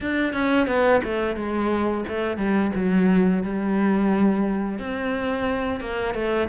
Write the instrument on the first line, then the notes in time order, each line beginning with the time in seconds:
cello
0.00 D4
0.33 C#4
0.67 B3
1.04 A3
1.36 G#3
2.08 A3
2.37 G3
2.75 F#3
3.43 G3
4.79 C4
5.80 A#3
6.14 A3